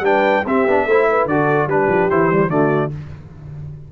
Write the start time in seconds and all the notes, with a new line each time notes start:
0.00 G3 D4 B4 G5
0.45 C4 G4 E5
0.66 B3 D4
0.85 A3 E4 C5
1.09 B4
1.26 D3 F#4 A4 D5
1.66 G3 D4 G4 B4
1.88 F3
2.10 E3 E4 C5
2.31 G3
2.49 D3 A3 F#4 D5